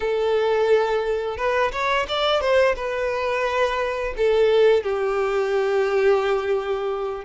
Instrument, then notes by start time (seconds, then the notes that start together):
violin
0.00 A4
1.37 B4
1.71 C#5
2.08 D5
2.40 C5
2.76 B4
4.16 A4
4.83 G4